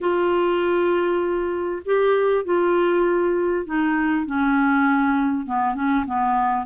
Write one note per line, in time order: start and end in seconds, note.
0.00 1.82 F4
1.85 2.44 G4
2.44 3.66 F4
3.66 4.26 D#4
4.26 5.46 C#4
5.46 5.74 B3
5.74 6.05 C#4
6.06 6.66 B3